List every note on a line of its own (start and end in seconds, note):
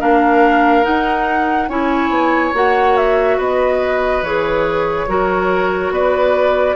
0.00 0.86 A#3
0.00 0.84 D4
0.00 1.69 A#4
0.00 0.84 F5
0.84 1.68 D#4
0.84 1.69 D#4
0.84 1.69 F#5
1.69 2.09 C#4
1.69 2.54 E4
1.69 3.37 C#5
1.69 2.54 G#5
2.09 2.51 B3
2.54 3.38 A#3
2.54 4.23 F#4
2.54 2.97 F#5
2.97 3.39 E5
3.37 4.22 B3
3.37 5.06 B4
3.37 4.24 D#5
4.22 5.06 E3
4.22 5.08 G#4
4.22 5.93 C#5
5.07 5.90 F#3
5.07 6.76 F#4
5.07 5.93 A#4
5.90 6.75 B3
5.90 6.76 B4
5.90 6.76 D5